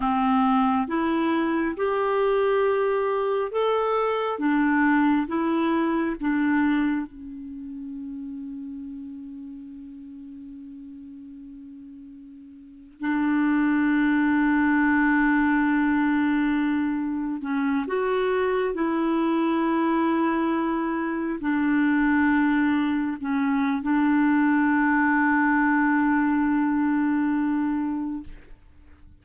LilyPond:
\new Staff \with { instrumentName = "clarinet" } { \time 4/4 \tempo 4 = 68 c'4 e'4 g'2 | a'4 d'4 e'4 d'4 | cis'1~ | cis'2~ cis'8. d'4~ d'16~ |
d'2.~ d'8. cis'16~ | cis'16 fis'4 e'2~ e'8.~ | e'16 d'2 cis'8. d'4~ | d'1 | }